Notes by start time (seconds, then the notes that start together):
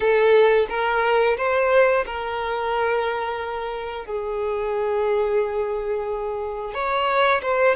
0.00 A4
0.69 A#4
1.37 C5
2.06 A#4
4.05 G#4
6.74 C#5
7.42 C5